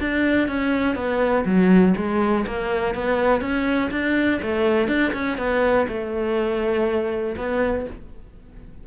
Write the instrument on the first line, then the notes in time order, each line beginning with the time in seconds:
cello
0.00 D4
0.48 C#4
0.95 B3
1.45 F#3
1.96 G#3
2.47 A#3
2.95 B3
3.41 C#4
3.91 D4
4.42 A3
4.88 D4
5.13 C#4
5.38 B3
5.88 A3
7.37 B3